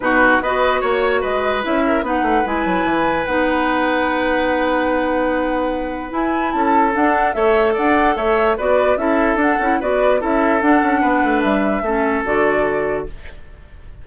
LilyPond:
<<
  \new Staff \with { instrumentName = "flute" } { \time 4/4 \tempo 4 = 147 b'4 dis''4 cis''4 dis''4 | e''4 fis''4 gis''2 | fis''1~ | fis''2. gis''4 |
a''4 fis''4 e''4 fis''4 | e''4 d''4 e''4 fis''4 | d''4 e''4 fis''2 | e''2 d''2 | }
  \new Staff \with { instrumentName = "oboe" } { \time 4/4 fis'4 b'4 cis''4 b'4~ | b'8 ais'8 b'2.~ | b'1~ | b'1 |
a'2 cis''4 d''4 | cis''4 b'4 a'2 | b'4 a'2 b'4~ | b'4 a'2. | }
  \new Staff \with { instrumentName = "clarinet" } { \time 4/4 dis'4 fis'2. | e'4 dis'4 e'2 | dis'1~ | dis'2. e'4~ |
e'4 d'4 a'2~ | a'4 fis'4 e'4 d'8 e'8 | fis'4 e'4 d'2~ | d'4 cis'4 fis'2 | }
  \new Staff \with { instrumentName = "bassoon" } { \time 4/4 b,4 b4 ais4 gis4 | cis'4 b8 a8 gis8 fis8 e4 | b1~ | b2. e'4 |
cis'4 d'4 a4 d'4 | a4 b4 cis'4 d'8 cis'8 | b4 cis'4 d'8 cis'8 b8 a8 | g4 a4 d2 | }
>>